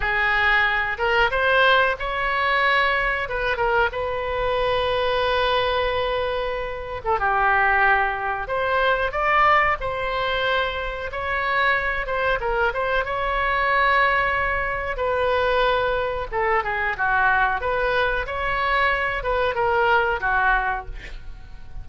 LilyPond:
\new Staff \with { instrumentName = "oboe" } { \time 4/4 \tempo 4 = 92 gis'4. ais'8 c''4 cis''4~ | cis''4 b'8 ais'8 b'2~ | b'2~ b'8. a'16 g'4~ | g'4 c''4 d''4 c''4~ |
c''4 cis''4. c''8 ais'8 c''8 | cis''2. b'4~ | b'4 a'8 gis'8 fis'4 b'4 | cis''4. b'8 ais'4 fis'4 | }